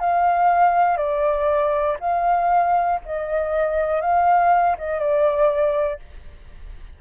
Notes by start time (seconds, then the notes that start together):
0.00 F5
0.97 D5
2.00 F5
3.05 D#5
4.01 F5
4.78 D#5
5.00 D5